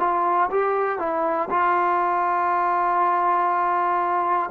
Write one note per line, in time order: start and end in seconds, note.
0.00 0.50 F4
0.51 0.99 G4
0.99 1.49 E4
1.51 4.51 F4